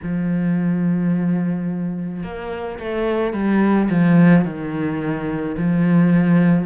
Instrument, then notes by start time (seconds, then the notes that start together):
cello
0.03 F3
2.23 A#3
2.79 A3
3.33 G3
3.89 F3
4.44 D#3
5.57 F3